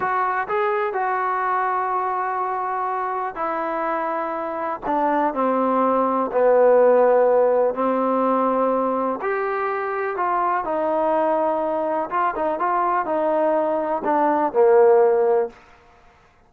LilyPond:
\new Staff \with { instrumentName = "trombone" } { \time 4/4 \tempo 4 = 124 fis'4 gis'4 fis'2~ | fis'2. e'4~ | e'2 d'4 c'4~ | c'4 b2. |
c'2. g'4~ | g'4 f'4 dis'2~ | dis'4 f'8 dis'8 f'4 dis'4~ | dis'4 d'4 ais2 | }